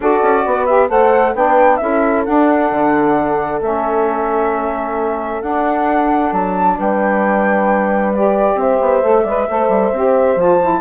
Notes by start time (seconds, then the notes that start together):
0.00 D4 F#4 A4 D5
0.22 C#4
0.45 B3 B4
0.65 G4 E5
0.87 A3 A4 C5 F#5
1.34 B3 D4 B4 G5
1.77 C#4 E4 A4 E5
2.25 D4 F#5
2.71 D3
3.61 A3 C#4 E5
5.42 D4 F#5
6.32 F#3 A5
6.77 G3 B4 G5
8.13 G4 D5
8.54 C4 C5 E5
8.80 B3
9.02 A3 A4
9.24 G#3 B4 D5
9.48 A3 A4 C5
9.68 G3
9.92 C4 G4
10.35 F3 F4 A5
10.61 E4